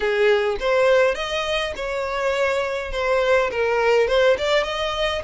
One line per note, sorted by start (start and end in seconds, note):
0.00 0.57 G#4
0.60 1.14 C5
1.14 1.73 D#5
1.76 2.92 C#5
2.92 3.50 C5
3.50 4.07 A#4
4.07 4.36 C5
4.37 4.63 D5
4.63 5.21 D#5